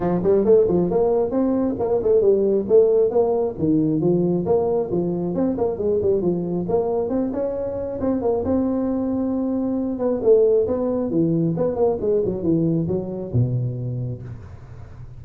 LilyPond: \new Staff \with { instrumentName = "tuba" } { \time 4/4 \tempo 4 = 135 f8 g8 a8 f8 ais4 c'4 | ais8 a8 g4 a4 ais4 | dis4 f4 ais4 f4 | c'8 ais8 gis8 g8 f4 ais4 |
c'8 cis'4. c'8 ais8 c'4~ | c'2~ c'8 b8 a4 | b4 e4 b8 ais8 gis8 fis8 | e4 fis4 b,2 | }